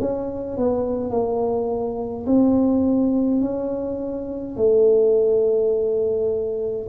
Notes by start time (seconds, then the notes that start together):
0.00 C#4
0.57 B3
1.10 A#3
2.27 C4
3.41 C#4
4.57 A3